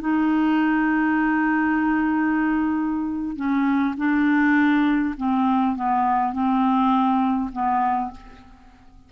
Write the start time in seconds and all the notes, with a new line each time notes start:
0.00 D#4
3.36 C#4
3.97 D4
5.17 C4
5.76 B3
6.33 C4
7.52 B3